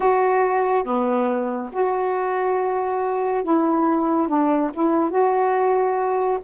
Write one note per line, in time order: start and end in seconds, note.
0.00 0.84 F#4
0.84 1.69 B3
1.72 3.43 F#4
3.43 4.28 E4
4.28 4.71 D4
4.73 5.10 E4
5.10 6.39 F#4